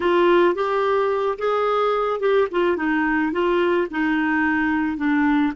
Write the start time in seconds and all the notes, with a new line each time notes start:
0.00 F4
0.54 G4
1.38 G#4
2.19 G4
2.51 F4
2.76 D#4
3.32 F4
3.90 D#4
4.97 D4